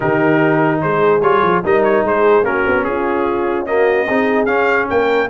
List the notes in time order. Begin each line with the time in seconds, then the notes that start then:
0.00 D#3 D#4 G4 A#4
0.81 G#3 G#4 C5
1.21 G3 F4 C#5
1.42 F3
1.64 G3 D#4 A#4 D#5
1.83 C#5
2.03 G#3 G#4 C5
2.43 A#3 C#4 F#4 A#4
2.66 B3
2.84 C#4 F4 G#4
3.66 A#3 F#4 D#5
4.06 C4 D#4 G#4
4.45 C#4 F5
4.89 A#3 A#4 G5